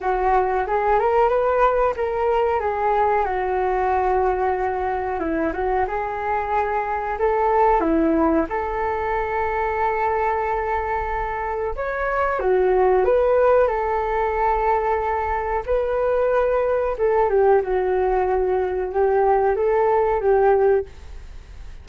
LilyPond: \new Staff \with { instrumentName = "flute" } { \time 4/4 \tempo 4 = 92 fis'4 gis'8 ais'8 b'4 ais'4 | gis'4 fis'2. | e'8 fis'8 gis'2 a'4 | e'4 a'2.~ |
a'2 cis''4 fis'4 | b'4 a'2. | b'2 a'8 g'8 fis'4~ | fis'4 g'4 a'4 g'4 | }